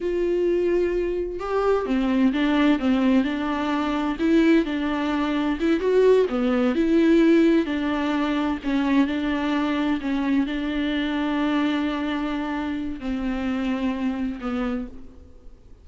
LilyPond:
\new Staff \with { instrumentName = "viola" } { \time 4/4 \tempo 4 = 129 f'2. g'4 | c'4 d'4 c'4 d'4~ | d'4 e'4 d'2 | e'8 fis'4 b4 e'4.~ |
e'8 d'2 cis'4 d'8~ | d'4. cis'4 d'4.~ | d'1 | c'2. b4 | }